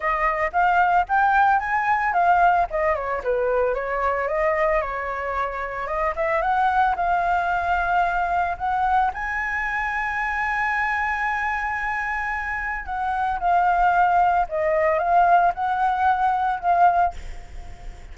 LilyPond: \new Staff \with { instrumentName = "flute" } { \time 4/4 \tempo 4 = 112 dis''4 f''4 g''4 gis''4 | f''4 dis''8 cis''8 b'4 cis''4 | dis''4 cis''2 dis''8 e''8 | fis''4 f''2. |
fis''4 gis''2.~ | gis''1 | fis''4 f''2 dis''4 | f''4 fis''2 f''4 | }